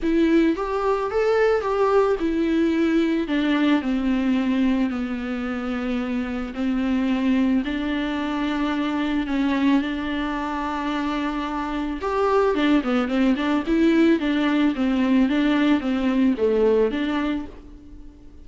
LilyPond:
\new Staff \with { instrumentName = "viola" } { \time 4/4 \tempo 4 = 110 e'4 g'4 a'4 g'4 | e'2 d'4 c'4~ | c'4 b2. | c'2 d'2~ |
d'4 cis'4 d'2~ | d'2 g'4 d'8 b8 | c'8 d'8 e'4 d'4 c'4 | d'4 c'4 a4 d'4 | }